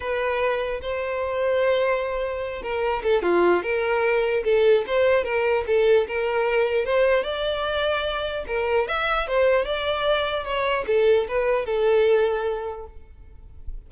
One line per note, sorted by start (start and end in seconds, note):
0.00 0.80 B4
0.81 2.62 C5
2.62 3.02 A#4
3.03 3.22 A4
3.22 3.62 F4
3.62 4.43 A#4
4.44 4.84 A4
4.87 5.23 C5
5.23 5.64 A#4
5.67 6.07 A4
6.07 6.85 A#4
6.85 7.23 C5
7.23 8.44 D5
8.47 8.87 A#4
8.87 9.27 E5
9.27 9.65 C5
9.65 10.44 D5
10.44 10.84 C#5
10.87 11.27 A4
11.28 11.65 B4
11.65 12.86 A4